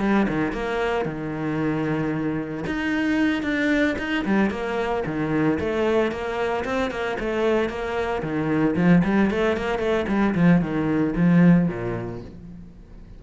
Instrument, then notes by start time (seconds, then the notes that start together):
cello
0.00 G3
0.28 D#3
0.53 A#3
1.05 D#3
2.66 D#4
3.43 D4
3.98 D#4
4.25 G3
4.50 A#3
5.06 D#3
5.59 A3
6.11 A#3
6.65 C4
6.91 A#3
7.19 A3
7.69 A#3
8.22 D#3
8.76 F3
9.04 G3
9.30 A3
9.57 A#3
9.79 A3
10.08 G3
10.35 F3
10.61 D#3
11.16 F3
11.68 A#2